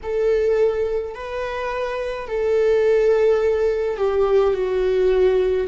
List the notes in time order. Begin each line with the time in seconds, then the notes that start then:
0.03 A4
1.14 B4
2.27 A4
3.97 G4
4.53 F#4